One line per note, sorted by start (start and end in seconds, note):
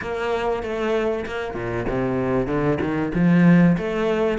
0.01 0.62 A#3
0.62 1.25 A3
1.26 1.54 A#3
1.54 1.86 A#2
1.88 2.47 C3
2.47 2.78 D3
2.81 3.12 D#3
3.14 3.76 F3
3.77 4.38 A3